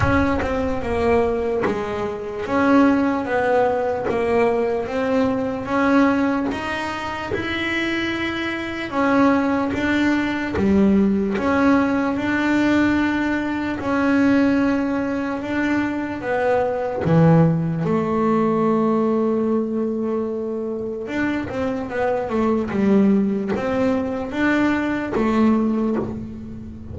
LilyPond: \new Staff \with { instrumentName = "double bass" } { \time 4/4 \tempo 4 = 74 cis'8 c'8 ais4 gis4 cis'4 | b4 ais4 c'4 cis'4 | dis'4 e'2 cis'4 | d'4 g4 cis'4 d'4~ |
d'4 cis'2 d'4 | b4 e4 a2~ | a2 d'8 c'8 b8 a8 | g4 c'4 d'4 a4 | }